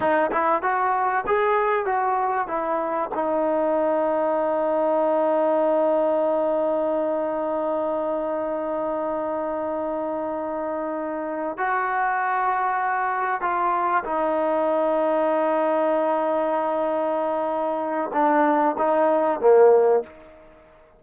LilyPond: \new Staff \with { instrumentName = "trombone" } { \time 4/4 \tempo 4 = 96 dis'8 e'8 fis'4 gis'4 fis'4 | e'4 dis'2.~ | dis'1~ | dis'1~ |
dis'2~ dis'8 fis'4.~ | fis'4. f'4 dis'4.~ | dis'1~ | dis'4 d'4 dis'4 ais4 | }